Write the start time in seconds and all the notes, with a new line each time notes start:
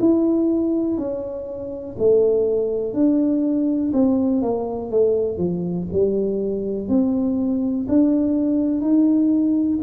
0.00 E4
0.98 C#4
1.99 A3
2.94 D4
3.93 C4
4.42 A#3
4.91 A3
5.38 F3
5.92 G3
6.89 C4
7.89 D4
8.81 D#4